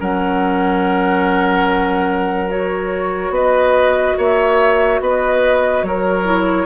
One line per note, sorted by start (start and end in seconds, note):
0.00 3.30 F#3
0.00 2.48 C#4
0.00 3.33 A#4
0.00 2.51 F#5
2.48 6.23 F#4
2.48 3.34 C#5
3.30 4.13 B3
3.30 4.17 B4
3.30 4.18 D#5
4.18 5.01 A#3
4.18 5.01 C#5
4.18 5.01 E5
5.01 5.83 B3
5.01 5.86 B4
5.01 5.84 D#5
5.83 6.66 F#3
5.83 6.66 A#4
5.83 6.66 C#5
6.25 6.66 E4